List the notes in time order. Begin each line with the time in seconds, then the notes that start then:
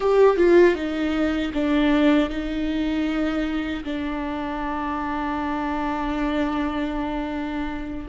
0.00 G4
0.36 F4
0.74 D#4
1.53 D4
2.29 D#4
3.84 D4